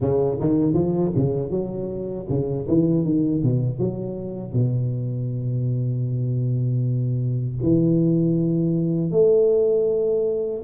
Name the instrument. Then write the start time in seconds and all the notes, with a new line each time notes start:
tuba
0.00 C#3
0.40 D#3
0.73 F3
1.16 C#3
1.50 F#3
2.29 C#3
2.68 E3
3.04 D#3
3.42 B2
3.78 F#3
4.52 B2
7.62 E3
9.11 A3